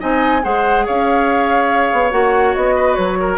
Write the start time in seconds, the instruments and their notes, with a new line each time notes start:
0.00 bassoon C4, clarinet D#4, oboe D#5, flute G#5
0.43 bassoon G#3, clarinet G#4, oboe C5, flute F#5
0.86 bassoon C#4, oboe C#5, flute F5
1.93 bassoon B3
2.11 bassoon A#3, clarinet F#4, flute F#5
2.55 bassoon B3, flute D#5
2.76 oboe B4
2.95 bassoon F#3, flute C#5
3.20 oboe A#4